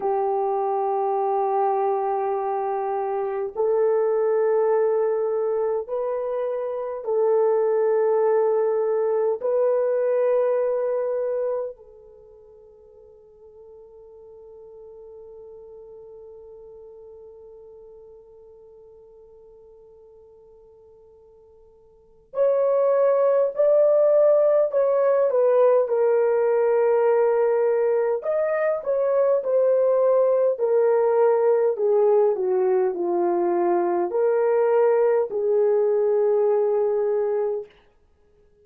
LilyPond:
\new Staff \with { instrumentName = "horn" } { \time 4/4 \tempo 4 = 51 g'2. a'4~ | a'4 b'4 a'2 | b'2 a'2~ | a'1~ |
a'2. cis''4 | d''4 cis''8 b'8 ais'2 | dis''8 cis''8 c''4 ais'4 gis'8 fis'8 | f'4 ais'4 gis'2 | }